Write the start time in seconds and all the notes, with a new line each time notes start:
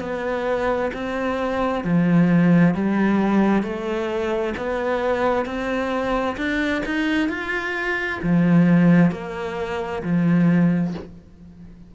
0.00 B3
0.93 C4
1.84 F3
2.74 G3
3.62 A3
4.57 B3
5.45 C4
6.37 D4
6.86 D#4
7.29 F4
8.23 F3
9.11 A#3
10.03 F3